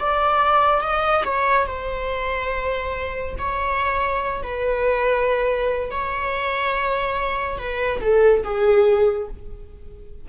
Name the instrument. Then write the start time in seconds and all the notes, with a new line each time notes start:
viola
0.00 D5
0.82 D#5
1.25 C#5
1.67 C5
3.39 C#5
4.43 B4
5.91 C#5
7.59 B4
8.01 A4
8.44 G#4